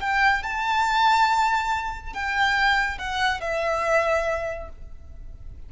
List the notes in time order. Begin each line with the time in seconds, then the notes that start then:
0.00 G5
0.43 A5
2.13 G5
2.98 F#5
3.40 E5